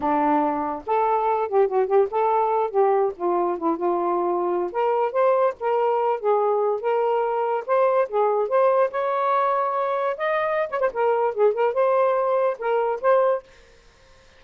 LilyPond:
\new Staff \with { instrumentName = "saxophone" } { \time 4/4 \tempo 4 = 143 d'2 a'4. g'8 | fis'8 g'8 a'4. g'4 f'8~ | f'8 e'8 f'2~ f'16 ais'8.~ | ais'16 c''4 ais'4. gis'4~ gis'16~ |
gis'16 ais'2 c''4 gis'8.~ | gis'16 c''4 cis''2~ cis''8.~ | cis''16 dis''4~ dis''16 cis''16 c''16 ais'4 gis'8 ais'8 | c''2 ais'4 c''4 | }